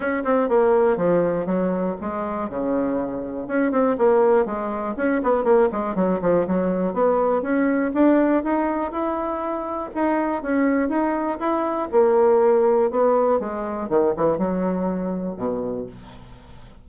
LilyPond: \new Staff \with { instrumentName = "bassoon" } { \time 4/4 \tempo 4 = 121 cis'8 c'8 ais4 f4 fis4 | gis4 cis2 cis'8 c'8 | ais4 gis4 cis'8 b8 ais8 gis8 | fis8 f8 fis4 b4 cis'4 |
d'4 dis'4 e'2 | dis'4 cis'4 dis'4 e'4 | ais2 b4 gis4 | dis8 e8 fis2 b,4 | }